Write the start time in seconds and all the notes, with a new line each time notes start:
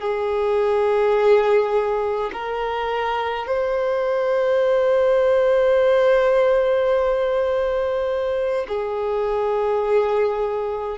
0.00 G#4
2.33 A#4
3.47 C5
8.69 G#4